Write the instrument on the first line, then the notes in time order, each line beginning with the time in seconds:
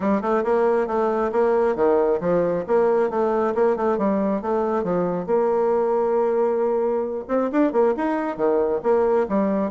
bassoon
0.00 G3
0.21 A3
0.44 A#3
0.87 A3
1.31 A#3
1.75 D#3
2.20 F3
2.67 A#3
3.10 A3
3.54 A#3
3.76 A3
3.98 G3
4.41 A3
4.83 F3
5.26 A#3
7.28 C4
7.51 D4
7.72 A#3
7.97 D#4
8.37 D#3
8.82 A#3
9.28 G3